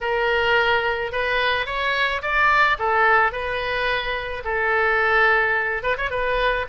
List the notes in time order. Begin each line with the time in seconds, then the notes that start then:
0.01 A#4
1.11 B4
1.66 C#5
2.21 D5
2.78 A4
3.32 B4
4.44 A4
5.83 B4
5.97 C#5
6.10 B4